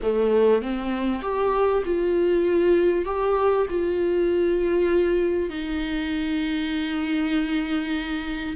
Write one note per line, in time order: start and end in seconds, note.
0.02 0.62 A3
0.62 1.22 C4
1.22 1.83 G4
1.85 3.05 F4
3.05 3.66 G4
3.69 5.49 F4
5.49 8.55 D#4